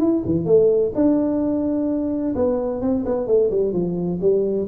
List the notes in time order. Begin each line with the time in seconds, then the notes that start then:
0.00 E4
0.26 E3
0.46 A3
0.95 D4
2.36 B3
2.81 C4
3.05 B3
3.27 A3
3.51 G3
3.73 F3
4.21 G3